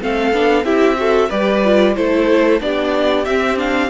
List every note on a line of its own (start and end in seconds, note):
0.00 0.33 A3
0.00 0.33 C4
0.00 0.65 A4
0.00 0.65 F5
0.33 0.64 B3
0.33 0.65 D4
0.64 1.29 C4
0.64 0.97 E4
0.64 0.98 G4
0.64 1.30 E5
0.97 1.29 F#4
0.97 1.29 A4
1.29 1.97 G3
1.29 1.63 G4
1.29 1.94 B4
1.29 1.96 D5
1.64 1.96 F4
1.96 2.60 A3
1.96 2.60 E4
1.96 2.62 A4
1.96 2.61 C5
2.60 3.26 B3
2.60 3.26 D4
2.60 3.90 G4
2.60 3.25 D5
3.25 3.57 C4
3.25 3.90 C4
3.25 3.58 E5
3.57 3.90 D4
3.57 3.90 F5